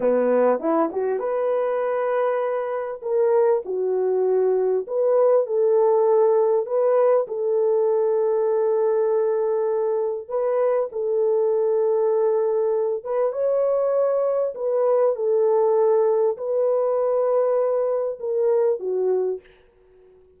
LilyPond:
\new Staff \with { instrumentName = "horn" } { \time 4/4 \tempo 4 = 99 b4 e'8 fis'8 b'2~ | b'4 ais'4 fis'2 | b'4 a'2 b'4 | a'1~ |
a'4 b'4 a'2~ | a'4. b'8 cis''2 | b'4 a'2 b'4~ | b'2 ais'4 fis'4 | }